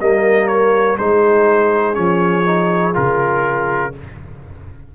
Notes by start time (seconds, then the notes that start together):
0.00 G3 A#3 A#4 D#5
0.48 C#5
0.97 G#3 D#4 G#4 C5
1.94 F3 C#4 C#5
2.46 D#4
2.94 C#3 F4 A#4